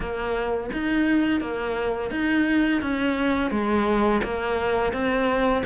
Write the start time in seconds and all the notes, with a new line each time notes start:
0.00 A#3
0.73 D#4
1.41 A#3
2.10 D#4
2.81 C#4
3.50 G#3
4.23 A#3
4.92 C4